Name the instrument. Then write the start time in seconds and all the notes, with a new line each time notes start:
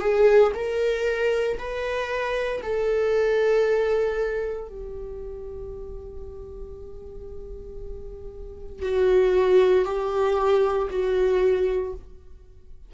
viola
0.00 G#4
0.54 A#4
1.58 B4
2.62 A4
4.68 G4
8.82 F#4
9.85 G4
10.90 F#4